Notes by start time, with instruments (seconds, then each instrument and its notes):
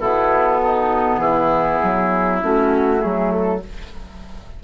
0.00 bassoon B2, clarinet B3, oboe E4, flute A4
0.64 oboe D#4
1.18 bassoon E3, oboe E4, flute G#4
1.83 bassoon F#3
2.42 bassoon A3, clarinet C#4, flute F#4
2.98 bassoon F#3, clarinet A3, flute G#4
3.32 flute A4